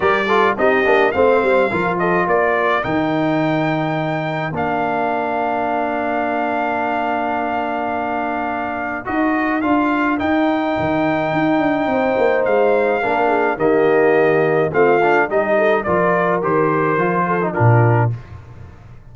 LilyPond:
<<
  \new Staff \with { instrumentName = "trumpet" } { \time 4/4 \tempo 4 = 106 d''4 dis''4 f''4. dis''8 | d''4 g''2. | f''1~ | f''1 |
dis''4 f''4 g''2~ | g''2 f''2 | dis''2 f''4 dis''4 | d''4 c''2 ais'4 | }
  \new Staff \with { instrumentName = "horn" } { \time 4/4 ais'8 a'8 g'4 c''4 ais'8 a'8 | ais'1~ | ais'1~ | ais'1~ |
ais'1~ | ais'4 c''2 ais'8 gis'8 | g'2 f'4 g'8 a'8 | ais'2~ ais'8 a'8 f'4 | }
  \new Staff \with { instrumentName = "trombone" } { \time 4/4 g'8 f'8 dis'8 d'8 c'4 f'4~ | f'4 dis'2. | d'1~ | d'1 |
fis'4 f'4 dis'2~ | dis'2. d'4 | ais2 c'8 d'8 dis'4 | f'4 g'4 f'8. dis'16 d'4 | }
  \new Staff \with { instrumentName = "tuba" } { \time 4/4 g4 c'8 ais8 a8 g8 f4 | ais4 dis2. | ais1~ | ais1 |
dis'4 d'4 dis'4 dis4 | dis'8 d'8 c'8 ais8 gis4 ais4 | dis2 a4 g4 | f4 dis4 f4 ais,4 | }
>>